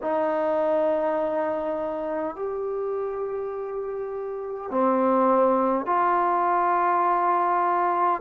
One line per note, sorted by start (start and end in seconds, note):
0.02 2.35 D#4
2.35 4.71 G4
4.71 5.86 C4
5.86 8.21 F4